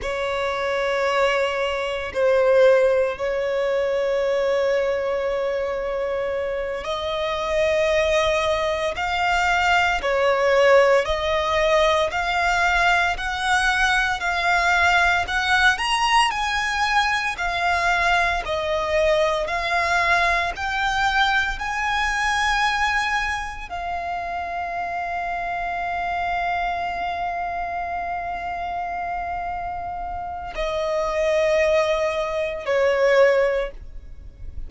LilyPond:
\new Staff \with { instrumentName = "violin" } { \time 4/4 \tempo 4 = 57 cis''2 c''4 cis''4~ | cis''2~ cis''8 dis''4.~ | dis''8 f''4 cis''4 dis''4 f''8~ | f''8 fis''4 f''4 fis''8 ais''8 gis''8~ |
gis''8 f''4 dis''4 f''4 g''8~ | g''8 gis''2 f''4.~ | f''1~ | f''4 dis''2 cis''4 | }